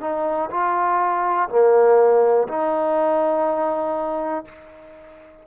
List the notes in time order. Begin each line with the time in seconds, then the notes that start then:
0.00 D#4
0.50 F4
1.49 A#3
2.48 D#4